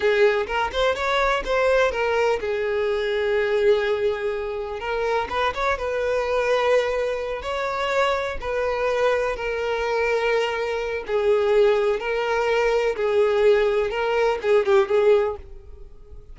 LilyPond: \new Staff \with { instrumentName = "violin" } { \time 4/4 \tempo 4 = 125 gis'4 ais'8 c''8 cis''4 c''4 | ais'4 gis'2.~ | gis'2 ais'4 b'8 cis''8 | b'2.~ b'8 cis''8~ |
cis''4. b'2 ais'8~ | ais'2. gis'4~ | gis'4 ais'2 gis'4~ | gis'4 ais'4 gis'8 g'8 gis'4 | }